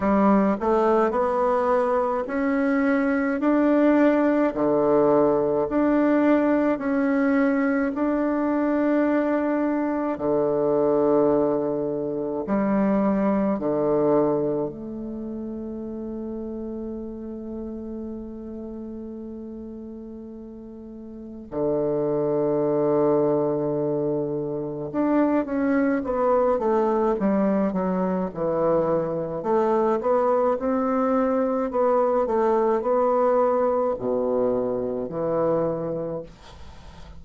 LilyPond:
\new Staff \with { instrumentName = "bassoon" } { \time 4/4 \tempo 4 = 53 g8 a8 b4 cis'4 d'4 | d4 d'4 cis'4 d'4~ | d'4 d2 g4 | d4 a2.~ |
a2. d4~ | d2 d'8 cis'8 b8 a8 | g8 fis8 e4 a8 b8 c'4 | b8 a8 b4 b,4 e4 | }